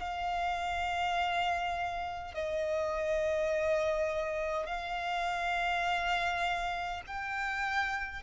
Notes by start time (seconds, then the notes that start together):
0.00 F5
2.35 D#5
4.67 F5
7.07 G5